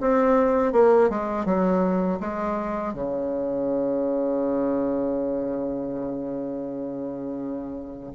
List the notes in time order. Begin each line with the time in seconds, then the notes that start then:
0.00 C4
0.72 A#3
1.09 G#3
1.45 F#3
2.20 G#3
2.94 C#3